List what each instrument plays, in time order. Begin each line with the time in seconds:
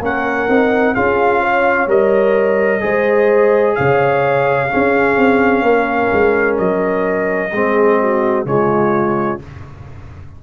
0.00 tuba A#3, trombone C#4, horn A#4, trumpet F#5
0.48 tuba C4, trombone D#4
0.94 tuba C#4, trombone F4, horn G#4, trumpet F5
1.40 horn C#5
1.87 tuba G3, trombone A#4, trumpet D#5
2.80 tuba G#3, trombone G#4, horn C5
3.75 tuba C#3, horn C#5, trumpet F5
4.68 trombone C#4, tuba C#4, horn G#4
5.17 tuba C4
5.62 tuba A#3, horn A#4
6.12 tuba G#3
6.58 tuba F#3, trumpet D#5
7.52 tuba G#3, trombone C4, horn G#4
8.00 horn F#4
8.45 tuba C#3, trombone G#3, horn F4, trumpet C#5